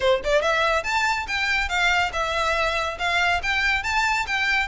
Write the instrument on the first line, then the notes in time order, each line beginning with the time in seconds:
violin
0.00 C5
0.23 D5
0.41 E5
0.83 A5
1.27 G5
1.68 F5
2.12 E5
2.98 F5
3.42 G5
3.83 A5
4.26 G5